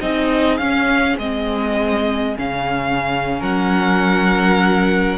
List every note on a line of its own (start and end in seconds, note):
0.00 0.59 C4
0.00 0.60 D#4
0.00 3.40 G#4
0.00 0.57 D#5
0.57 1.17 C#4
0.57 1.19 C#4
0.57 1.16 F5
1.17 2.36 G#3
1.17 2.37 C4
1.17 2.37 D#5
2.37 3.41 C#3
2.37 5.17 C#4
2.37 3.42 F5
3.40 5.17 F#3
3.40 5.17 A#4
3.40 5.17 F#5